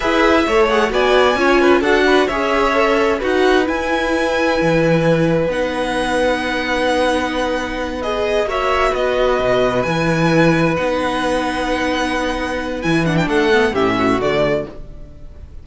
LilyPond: <<
  \new Staff \with { instrumentName = "violin" } { \time 4/4 \tempo 4 = 131 e''4. fis''8 gis''2 | fis''4 e''2 fis''4 | gis''1 | fis''1~ |
fis''4. dis''4 e''4 dis''8~ | dis''4. gis''2 fis''8~ | fis''1 | gis''8 fis''16 g''16 fis''4 e''4 d''4 | }
  \new Staff \with { instrumentName = "violin" } { \time 4/4 b'4 cis''4 d''4 cis''8 b'8 | a'8 b'8 cis''2 b'4~ | b'1~ | b'1~ |
b'2~ b'8 cis''4 b'8~ | b'1~ | b'1~ | b'4 a'4 g'8 fis'4. | }
  \new Staff \with { instrumentName = "viola" } { \time 4/4 gis'4 a'8 gis'8 fis'4 f'4 | fis'4 gis'4 a'4 fis'4 | e'1 | dis'1~ |
dis'4. gis'4 fis'4.~ | fis'4. e'2 dis'8~ | dis'1 | e'8 d'4 b8 cis'4 a4 | }
  \new Staff \with { instrumentName = "cello" } { \time 4/4 e'4 a4 b4 cis'4 | d'4 cis'2 dis'4 | e'2 e2 | b1~ |
b2~ b8 ais4 b8~ | b8 b,4 e2 b8~ | b1 | e4 a4 a,4 d4 | }
>>